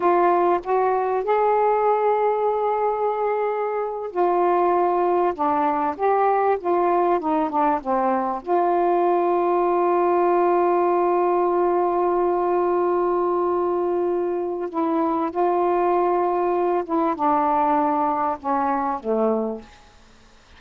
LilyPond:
\new Staff \with { instrumentName = "saxophone" } { \time 4/4 \tempo 4 = 98 f'4 fis'4 gis'2~ | gis'2~ gis'8. f'4~ f'16~ | f'8. d'4 g'4 f'4 dis'16~ | dis'16 d'8 c'4 f'2~ f'16~ |
f'1~ | f'1 | e'4 f'2~ f'8 e'8 | d'2 cis'4 a4 | }